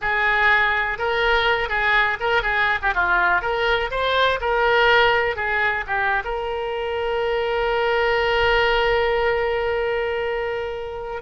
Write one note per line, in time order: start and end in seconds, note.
0.01 0.98 G#4
0.98 1.69 A#4
1.69 2.17 G#4
2.20 2.42 A#4
2.42 2.79 G#4
2.82 2.94 G4
2.94 3.41 F4
3.41 3.90 A#4
3.90 4.39 C5
4.40 5.36 A#4
5.36 5.84 G#4
5.86 6.23 G4
6.24 11.22 A#4